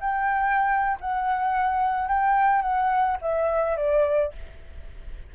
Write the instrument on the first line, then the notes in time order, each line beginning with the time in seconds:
flute
0.00 G5
1.00 F#5
2.08 G5
2.62 F#5
3.21 E5
3.76 D5